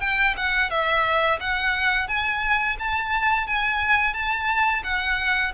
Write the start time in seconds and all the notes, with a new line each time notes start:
0.00 G5
0.37 F#5
0.70 E5
1.40 F#5
2.08 G#5
2.79 A5
3.47 G#5
4.13 A5
4.84 F#5